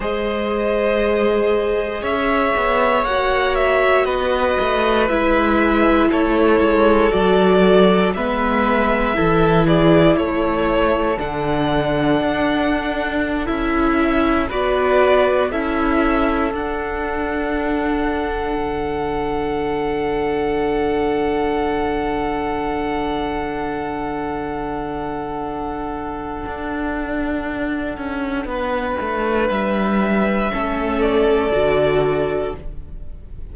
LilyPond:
<<
  \new Staff \with { instrumentName = "violin" } { \time 4/4 \tempo 4 = 59 dis''2 e''4 fis''8 e''8 | dis''4 e''4 cis''4 d''4 | e''4. d''8 cis''4 fis''4~ | fis''4~ fis''16 e''4 d''4 e''8.~ |
e''16 fis''2.~ fis''8.~ | fis''1~ | fis''1~ | fis''4 e''4. d''4. | }
  \new Staff \with { instrumentName = "violin" } { \time 4/4 c''2 cis''2 | b'2 a'2 | b'4 a'8 gis'8 a'2~ | a'2~ a'16 b'4 a'8.~ |
a'1~ | a'1~ | a'1 | b'2 a'2 | }
  \new Staff \with { instrumentName = "viola" } { \time 4/4 gis'2. fis'4~ | fis'4 e'2 fis'4 | b4 e'2 d'4~ | d'4~ d'16 e'4 fis'4 e'8.~ |
e'16 d'2.~ d'8.~ | d'1~ | d'1~ | d'2 cis'4 fis'4 | }
  \new Staff \with { instrumentName = "cello" } { \time 4/4 gis2 cis'8 b8 ais4 | b8 a8 gis4 a8 gis8 fis4 | gis4 e4 a4 d4 | d'4~ d'16 cis'4 b4 cis'8.~ |
cis'16 d'2 d4.~ d16~ | d1~ | d2 d'4. cis'8 | b8 a8 g4 a4 d4 | }
>>